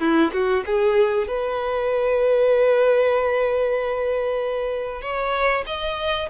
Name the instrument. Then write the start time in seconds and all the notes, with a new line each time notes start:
violin
0.00 E4
0.33 F#4
0.66 G#4
1.28 B4
5.02 C#5
5.67 D#5